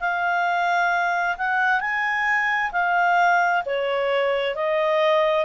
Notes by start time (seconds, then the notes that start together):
0.00 F5
1.37 F#5
1.80 G#5
2.72 F5
3.65 C#5
4.55 D#5